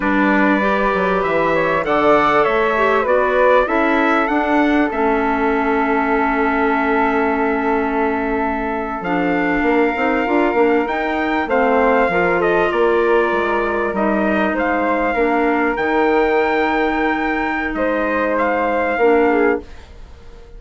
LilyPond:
<<
  \new Staff \with { instrumentName = "trumpet" } { \time 4/4 \tempo 4 = 98 d''2 e''4 fis''4 | e''4 d''4 e''4 fis''4 | e''1~ | e''2~ e''8. f''4~ f''16~ |
f''4.~ f''16 g''4 f''4~ f''16~ | f''16 dis''8 d''2 dis''4 f''16~ | f''4.~ f''16 g''2~ g''16~ | g''4 dis''4 f''2 | }
  \new Staff \with { instrumentName = "flute" } { \time 4/4 b'2~ b'8 cis''8 d''4 | cis''4 b'4 a'2~ | a'1~ | a'2.~ a'8. ais'16~ |
ais'2~ ais'8. c''4 ais'16~ | ais'16 a'8 ais'2. c''16~ | c''8. ais'2.~ ais'16~ | ais'4 c''2 ais'8 gis'8 | }
  \new Staff \with { instrumentName = "clarinet" } { \time 4/4 d'4 g'2 a'4~ | a'8 g'8 fis'4 e'4 d'4 | cis'1~ | cis'2~ cis'8. d'4~ d'16~ |
d'16 dis'8 f'8 d'8 dis'4 c'4 f'16~ | f'2~ f'8. dis'4~ dis'16~ | dis'8. d'4 dis'2~ dis'16~ | dis'2. d'4 | }
  \new Staff \with { instrumentName = "bassoon" } { \time 4/4 g4. fis8 e4 d4 | a4 b4 cis'4 d'4 | a1~ | a2~ a8. f4 ais16~ |
ais16 c'8 d'8 ais8 dis'4 a4 f16~ | f8. ais4 gis4 g4 gis16~ | gis8. ais4 dis2~ dis16~ | dis4 gis2 ais4 | }
>>